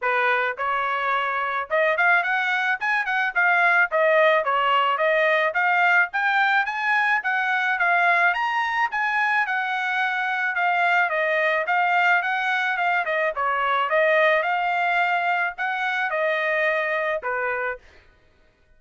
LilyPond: \new Staff \with { instrumentName = "trumpet" } { \time 4/4 \tempo 4 = 108 b'4 cis''2 dis''8 f''8 | fis''4 gis''8 fis''8 f''4 dis''4 | cis''4 dis''4 f''4 g''4 | gis''4 fis''4 f''4 ais''4 |
gis''4 fis''2 f''4 | dis''4 f''4 fis''4 f''8 dis''8 | cis''4 dis''4 f''2 | fis''4 dis''2 b'4 | }